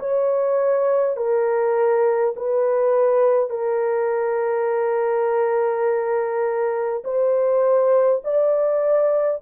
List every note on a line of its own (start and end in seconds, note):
0.00 1.17 C#5
1.17 2.35 A#4
2.36 3.51 B4
3.51 7.03 A#4
7.05 8.22 C5
8.25 9.42 D5